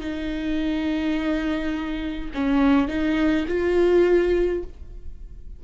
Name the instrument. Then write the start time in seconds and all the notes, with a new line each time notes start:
viola
0.00 D#4
2.34 C#4
2.88 D#4
3.48 F4